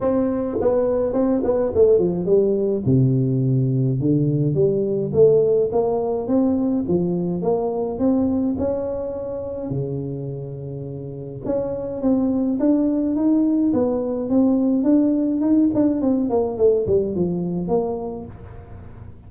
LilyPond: \new Staff \with { instrumentName = "tuba" } { \time 4/4 \tempo 4 = 105 c'4 b4 c'8 b8 a8 f8 | g4 c2 d4 | g4 a4 ais4 c'4 | f4 ais4 c'4 cis'4~ |
cis'4 cis2. | cis'4 c'4 d'4 dis'4 | b4 c'4 d'4 dis'8 d'8 | c'8 ais8 a8 g8 f4 ais4 | }